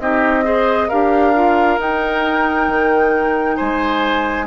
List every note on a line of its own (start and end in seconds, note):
0.00 0.90 C4
0.00 0.44 D#4
0.00 0.45 G4
0.00 0.90 D#5
0.44 0.89 G#4
0.44 0.89 C5
0.89 1.79 D4
0.89 1.35 G4
0.89 3.57 A#4
0.89 1.79 F5
1.35 1.79 F4
1.79 2.68 D#4
1.79 4.47 D#4
1.79 3.57 G5
2.68 3.57 D#3
3.57 4.47 G#3
3.57 4.46 C5
3.57 4.46 G#5